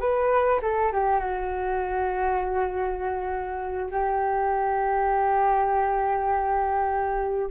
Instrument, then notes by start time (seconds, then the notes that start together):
flute
0.00 B4
0.62 A4
0.92 G4
1.19 F#4
3.90 G4